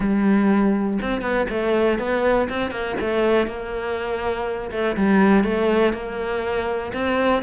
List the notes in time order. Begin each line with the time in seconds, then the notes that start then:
0.00 G3
1.01 C4
1.21 B3
1.49 A3
1.98 B3
2.49 C4
2.70 A#3
3.00 A3
3.46 A#3
4.71 A3
4.96 G3
5.43 A3
5.93 A#3
6.93 C4